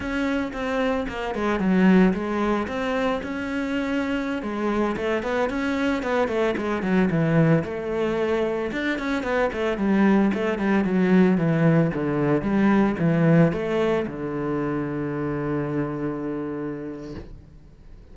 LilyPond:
\new Staff \with { instrumentName = "cello" } { \time 4/4 \tempo 4 = 112 cis'4 c'4 ais8 gis8 fis4 | gis4 c'4 cis'2~ | cis'16 gis4 a8 b8 cis'4 b8 a16~ | a16 gis8 fis8 e4 a4.~ a16~ |
a16 d'8 cis'8 b8 a8 g4 a8 g16~ | g16 fis4 e4 d4 g8.~ | g16 e4 a4 d4.~ d16~ | d1 | }